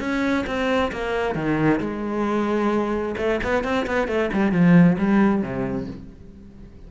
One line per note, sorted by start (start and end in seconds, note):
0.00 0.45 C#4
0.47 0.92 C4
0.92 1.35 A#3
1.35 1.80 D#3
1.80 3.16 G#3
3.18 3.40 A3
3.43 3.64 B3
3.64 3.86 C4
3.87 4.08 B3
4.08 4.30 A3
4.33 4.52 G3
4.52 4.97 F3
4.98 5.42 G3
5.42 5.87 C3